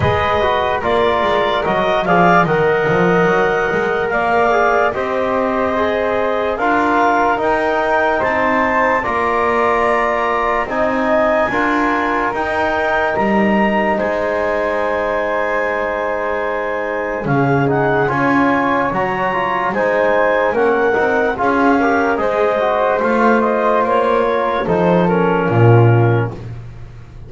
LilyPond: <<
  \new Staff \with { instrumentName = "clarinet" } { \time 4/4 \tempo 4 = 73 dis''4 d''4 dis''8 f''8 fis''4~ | fis''4 f''4 dis''2 | f''4 g''4 a''4 ais''4~ | ais''4 gis''2 g''4 |
ais''4 gis''2.~ | gis''4 f''8 fis''8 gis''4 ais''4 | gis''4 fis''4 f''4 dis''4 | f''8 dis''8 cis''4 c''8 ais'4. | }
  \new Staff \with { instrumentName = "flute" } { \time 4/4 b'4 ais'4. d''8 dis''4~ | dis''4 d''4 c''2 | ais'2 c''4 d''4~ | d''4 dis''4 ais'2~ |
ais'4 c''2.~ | c''4 gis'4 cis''2 | c''4 ais'4 gis'8 ais'8 c''4~ | c''4. ais'8 a'4 f'4 | }
  \new Staff \with { instrumentName = "trombone" } { \time 4/4 gis'8 fis'8 f'4 fis'8 gis'8 ais'4~ | ais'4. gis'8 g'4 gis'4 | f'4 dis'2 f'4~ | f'4 dis'4 f'4 dis'4~ |
dis'1~ | dis'4 cis'8 dis'8 f'4 fis'8 f'8 | dis'4 cis'8 dis'8 f'8 g'8 gis'8 fis'8 | f'2 dis'8 cis'4. | }
  \new Staff \with { instrumentName = "double bass" } { \time 4/4 gis4 ais8 gis8 fis8 f8 dis8 f8 | fis8 gis8 ais4 c'2 | d'4 dis'4 c'4 ais4~ | ais4 c'4 d'4 dis'4 |
g4 gis2.~ | gis4 cis4 cis'4 fis4 | gis4 ais8 c'8 cis'4 gis4 | a4 ais4 f4 ais,4 | }
>>